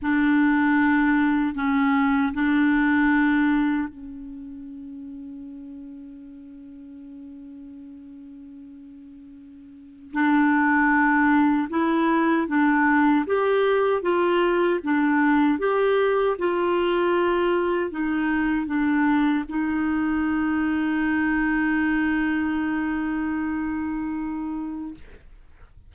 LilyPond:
\new Staff \with { instrumentName = "clarinet" } { \time 4/4 \tempo 4 = 77 d'2 cis'4 d'4~ | d'4 cis'2.~ | cis'1~ | cis'4 d'2 e'4 |
d'4 g'4 f'4 d'4 | g'4 f'2 dis'4 | d'4 dis'2.~ | dis'1 | }